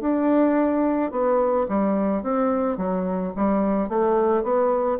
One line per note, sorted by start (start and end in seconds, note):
0.00 1.11 D4
1.11 1.66 B3
1.68 2.22 G3
2.22 2.77 C4
2.77 3.33 F#3
3.36 3.88 G3
3.88 4.43 A3
4.43 4.98 B3